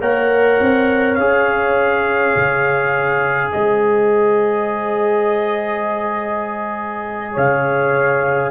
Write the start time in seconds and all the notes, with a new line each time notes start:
0.00 A#3 A#4 C#5 F#5
0.60 C4
1.15 C#4 G#4 F5
2.35 C#3
3.52 G#3 C5 D#5
7.32 C#3 C#5 F5